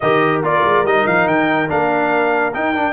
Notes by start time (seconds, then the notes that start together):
0.00 D#3 G4 A#4 D#5
0.42 A#3 F4 D5
0.64 G#3
0.83 G3 D#4 D#5
1.06 F3 F5
1.26 D#3 G5
1.68 A#3 D4 F5
2.54 D#4 G5
2.73 D4